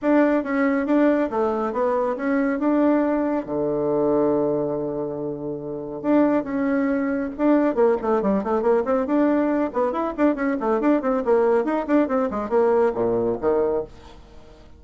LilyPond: \new Staff \with { instrumentName = "bassoon" } { \time 4/4 \tempo 4 = 139 d'4 cis'4 d'4 a4 | b4 cis'4 d'2 | d1~ | d2 d'4 cis'4~ |
cis'4 d'4 ais8 a8 g8 a8 | ais8 c'8 d'4. b8 e'8 d'8 | cis'8 a8 d'8 c'8 ais4 dis'8 d'8 | c'8 gis8 ais4 ais,4 dis4 | }